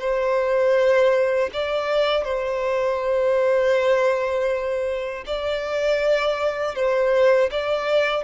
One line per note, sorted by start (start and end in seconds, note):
0.00 1.50 C5
1.53 2.24 D5
2.24 5.24 C5
5.26 6.75 D5
6.75 7.50 C5
7.51 8.24 D5